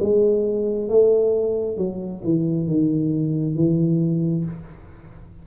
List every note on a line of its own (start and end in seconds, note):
0.00 0.89 G#3
0.89 1.78 A3
1.78 2.23 F#3
2.24 2.67 E3
2.67 3.56 D#3
3.56 4.45 E3